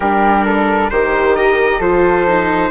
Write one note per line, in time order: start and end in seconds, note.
0.00 0.91 G3
0.00 0.91 D4
0.00 0.44 G4
0.00 0.90 A#4
0.45 0.90 A4
0.90 1.79 D#3
0.90 1.81 G4
0.90 1.78 A#4
0.90 1.35 C5
1.35 1.80 D#5
1.78 2.70 F3
1.78 2.27 F4
1.78 2.69 A4
1.78 2.70 C5
2.27 2.70 D#4